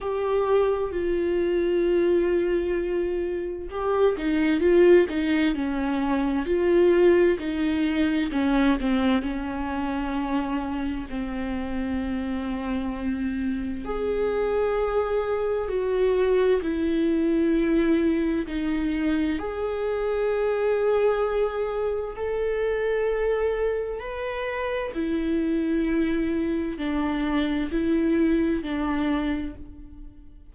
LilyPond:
\new Staff \with { instrumentName = "viola" } { \time 4/4 \tempo 4 = 65 g'4 f'2. | g'8 dis'8 f'8 dis'8 cis'4 f'4 | dis'4 cis'8 c'8 cis'2 | c'2. gis'4~ |
gis'4 fis'4 e'2 | dis'4 gis'2. | a'2 b'4 e'4~ | e'4 d'4 e'4 d'4 | }